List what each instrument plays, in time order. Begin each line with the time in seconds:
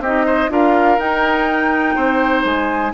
0.00 bassoon C4, clarinet D#4, oboe G4, flute D#5
0.26 oboe C5
0.49 bassoon D4, clarinet F4, oboe A#4, flute F5
0.98 bassoon D#4, clarinet D#4, flute G5
1.96 bassoon C4, oboe C5
2.45 bassoon G#3, flute G#5